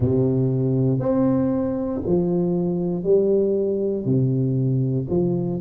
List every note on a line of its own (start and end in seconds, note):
0.00 0.99 C3
0.99 2.01 C4
2.06 3.03 F3
3.03 4.05 G3
4.05 5.07 C3
5.09 5.60 F3